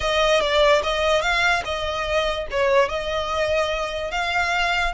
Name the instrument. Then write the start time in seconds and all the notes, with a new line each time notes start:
violin
0.00 D#5
0.41 D5
0.83 D#5
1.21 F5
1.64 D#5
2.50 C#5
2.89 D#5
4.11 F5